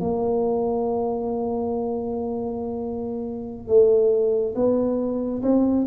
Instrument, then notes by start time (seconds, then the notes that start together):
tuba
0.00 A#3
3.68 A3
4.55 B3
5.42 C4